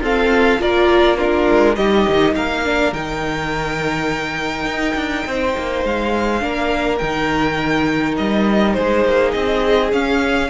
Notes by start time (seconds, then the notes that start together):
0.00 C4 F4 A4 F5
0.59 A#3 F4 A#4 D5
1.17 D4 F4 A#4
1.50 G#3
1.75 G3 D#4 G4 D#5
2.08 D#3
2.35 A#3 A#4 F5
2.64 D4
2.92 D#3 D#4 G5
4.65 D#4
4.95 D4
5.26 C4 C5
5.57 A#3
5.84 G#3 F5
6.40 A#3 D4 A#4
6.98 D#3 D#4 G5
8.17 G3 D#5
8.73 G#3 G#4 C5
9.05 A#3
9.31 C4 D#5
9.92 C#4 F5